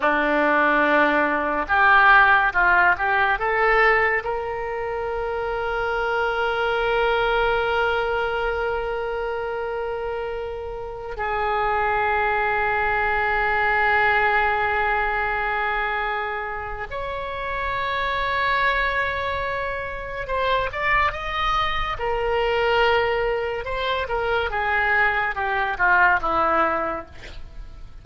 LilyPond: \new Staff \with { instrumentName = "oboe" } { \time 4/4 \tempo 4 = 71 d'2 g'4 f'8 g'8 | a'4 ais'2.~ | ais'1~ | ais'4~ ais'16 gis'2~ gis'8.~ |
gis'1 | cis''1 | c''8 d''8 dis''4 ais'2 | c''8 ais'8 gis'4 g'8 f'8 e'4 | }